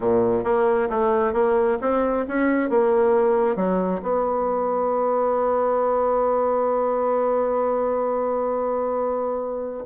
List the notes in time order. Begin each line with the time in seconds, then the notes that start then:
0.00 A#2
0.44 A#3
0.89 A3
1.33 A#3
1.81 C4
2.28 C#4
2.69 A#3
3.56 F#3
4.02 B3